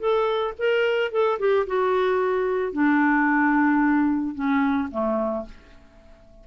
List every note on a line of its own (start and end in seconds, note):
0.00 0.54 A4
0.59 1.12 A#4
1.12 1.39 A4
1.40 1.67 G4
1.67 2.73 F#4
2.73 4.35 D4
4.35 4.89 C#4
4.92 5.46 A3